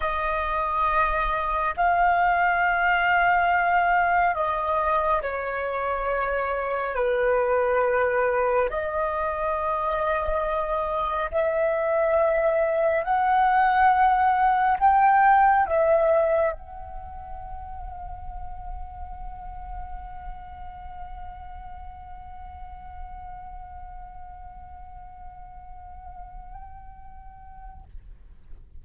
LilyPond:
\new Staff \with { instrumentName = "flute" } { \time 4/4 \tempo 4 = 69 dis''2 f''2~ | f''4 dis''4 cis''2 | b'2 dis''2~ | dis''4 e''2 fis''4~ |
fis''4 g''4 e''4 fis''4~ | fis''1~ | fis''1~ | fis''1 | }